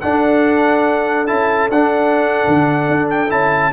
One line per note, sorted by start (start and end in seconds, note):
0.00 1.27 D4
0.00 1.30 D4
0.00 3.72 A4
0.00 1.27 F#5
1.27 1.69 C#4
1.27 1.69 E4
1.27 1.69 A5
1.69 2.43 D4
1.69 3.29 D4
1.69 3.09 F#5
2.47 2.88 D3
2.88 3.30 D4
3.09 3.30 G5
3.29 3.72 C#4
3.29 3.71 E4
3.29 3.72 A5